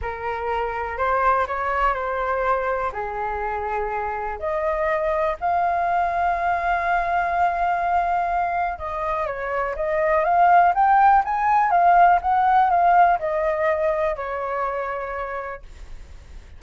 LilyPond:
\new Staff \with { instrumentName = "flute" } { \time 4/4 \tempo 4 = 123 ais'2 c''4 cis''4 | c''2 gis'2~ | gis'4 dis''2 f''4~ | f''1~ |
f''2 dis''4 cis''4 | dis''4 f''4 g''4 gis''4 | f''4 fis''4 f''4 dis''4~ | dis''4 cis''2. | }